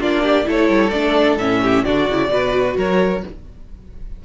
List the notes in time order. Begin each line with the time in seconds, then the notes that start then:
0.00 A#3 D4 F4 D5
0.23 G4
0.45 A3 E4 A4
0.51 C#5
0.69 G3
0.90 A3 D4 D5
1.38 A2 C#4 E5
1.62 G4
1.85 D3 D4 F#4 D5
2.09 C#3 E4
2.29 B2 F#4 B4
2.77 F#3 A#4 C#5